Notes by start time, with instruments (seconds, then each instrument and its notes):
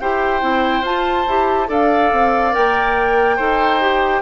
0.00 bassoon E4, clarinet G4, oboe C5, flute G5
0.41 bassoon C4, clarinet E4
0.82 bassoon F4, clarinet F4, flute A5
1.27 bassoon E4, clarinet G4
1.67 bassoon D4, clarinet A4, oboe D5, flute F5
2.12 bassoon C4
2.52 bassoon A#3, clarinet A#4, flute G5
3.36 bassoon D#4, clarinet A4, oboe C5
3.81 clarinet G4